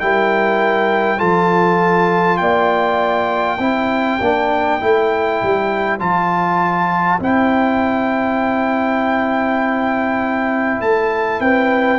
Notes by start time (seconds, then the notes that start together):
0.00 G3 E4 A#4 G5
1.18 F3 F4 A4 A5
2.38 A#3 D5 G5
3.58 C4 E4 C5
4.20 A#3 D4
4.80 A3 E4
5.42 G3
5.99 F3 F4 A5
7.20 C4 E4 G5
10.80 A3 A5
11.40 C4 B4 G5